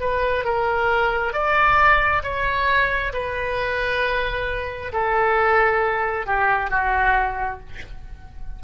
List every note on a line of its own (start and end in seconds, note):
0.00 0.45 B4
0.45 1.33 A#4
1.33 2.23 D5
2.23 3.13 C#5
3.13 4.92 B4
4.93 6.26 A4
6.26 6.70 G4
6.70 7.60 F#4